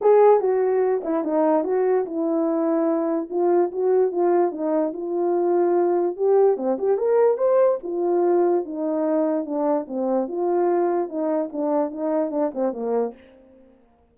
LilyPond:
\new Staff \with { instrumentName = "horn" } { \time 4/4 \tempo 4 = 146 gis'4 fis'4. e'8 dis'4 | fis'4 e'2. | f'4 fis'4 f'4 dis'4 | f'2. g'4 |
c'8 g'8 ais'4 c''4 f'4~ | f'4 dis'2 d'4 | c'4 f'2 dis'4 | d'4 dis'4 d'8 c'8 ais4 | }